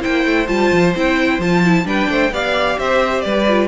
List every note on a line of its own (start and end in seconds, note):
0.00 0.26 A#3
0.00 0.46 E4
0.00 1.85 C5
0.00 0.48 G5
0.26 0.48 A3
0.48 0.72 G3
0.48 0.94 F4
0.48 0.93 A5
0.73 0.95 F3
0.95 1.39 C4
0.95 1.42 E4
0.95 1.41 G5
1.39 1.85 F3
1.39 1.65 F4
1.39 1.87 A5
1.65 1.85 E4
1.85 2.08 G3
1.85 2.31 D4
1.85 2.09 B4
1.85 2.34 G5
2.09 2.31 A3
2.09 2.33 C5
2.31 2.77 B3
2.31 3.48 G4
2.31 2.79 D5
2.31 2.79 F5
2.78 3.24 C4
2.78 3.25 C5
2.78 3.21 E5
3.21 3.68 G3
3.21 3.68 B4
3.21 3.67 D5
3.49 3.68 F4